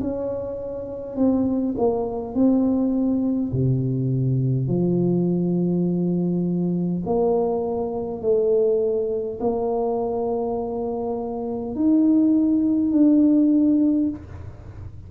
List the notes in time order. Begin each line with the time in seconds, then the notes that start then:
0.00 C#4
1.16 C4
1.78 A#3
2.34 C4
3.52 C3
4.67 F3
7.05 A#3
8.21 A3
9.40 A#3
11.75 D#4
12.91 D4